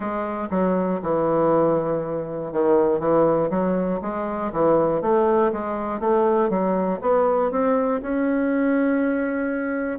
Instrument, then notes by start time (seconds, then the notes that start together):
bassoon
0.00 G#3
0.50 F#3
1.02 E3
2.52 D#3
2.99 E3
3.50 F#3
4.01 G#3
4.52 E3
5.01 A3
5.52 G#3
6.00 A3
6.49 F#3
7.01 B3
7.51 C4
8.01 C#4